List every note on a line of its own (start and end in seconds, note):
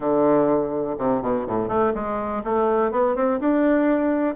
0.00 0.96 D3
0.98 1.22 C3
1.22 1.46 B2
1.46 1.68 A2
1.68 1.92 A3
1.94 2.42 G#3
2.43 2.91 A3
2.91 3.15 B3
3.15 3.39 C4
3.39 4.35 D4